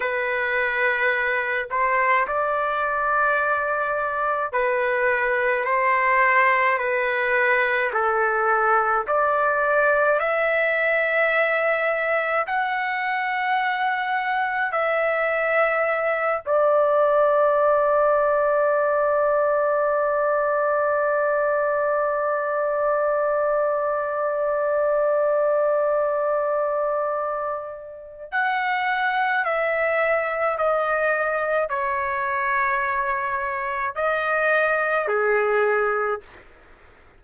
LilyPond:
\new Staff \with { instrumentName = "trumpet" } { \time 4/4 \tempo 4 = 53 b'4. c''8 d''2 | b'4 c''4 b'4 a'4 | d''4 e''2 fis''4~ | fis''4 e''4. d''4.~ |
d''1~ | d''1~ | d''4 fis''4 e''4 dis''4 | cis''2 dis''4 gis'4 | }